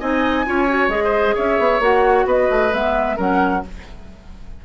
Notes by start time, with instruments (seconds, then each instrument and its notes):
0.00 bassoon C4, clarinet D#4, oboe D#5, flute G#5
0.45 bassoon C#4, clarinet F4, oboe C#5
0.69 clarinet F#4
0.88 bassoon G#3, clarinet G#4, flute D#5
1.04 oboe C5
1.35 bassoon C#4, oboe C#5, flute E5
1.59 bassoon B3
1.80 bassoon A#3, clarinet F#4, flute F#5
2.26 bassoon B3, oboe B4, flute D#5
2.50 bassoon A3
2.72 bassoon G#3, clarinet B3, flute E5
3.17 bassoon F#3, clarinet C#4, oboe A#4, flute F#5